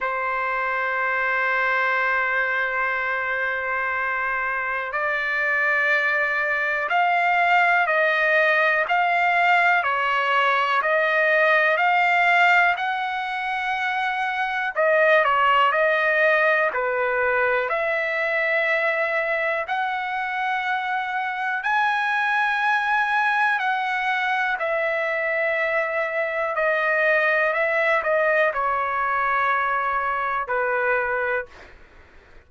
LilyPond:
\new Staff \with { instrumentName = "trumpet" } { \time 4/4 \tempo 4 = 61 c''1~ | c''4 d''2 f''4 | dis''4 f''4 cis''4 dis''4 | f''4 fis''2 dis''8 cis''8 |
dis''4 b'4 e''2 | fis''2 gis''2 | fis''4 e''2 dis''4 | e''8 dis''8 cis''2 b'4 | }